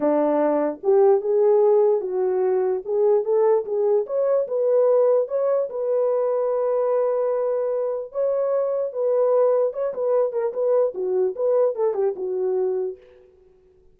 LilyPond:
\new Staff \with { instrumentName = "horn" } { \time 4/4 \tempo 4 = 148 d'2 g'4 gis'4~ | gis'4 fis'2 gis'4 | a'4 gis'4 cis''4 b'4~ | b'4 cis''4 b'2~ |
b'1 | cis''2 b'2 | cis''8 b'4 ais'8 b'4 fis'4 | b'4 a'8 g'8 fis'2 | }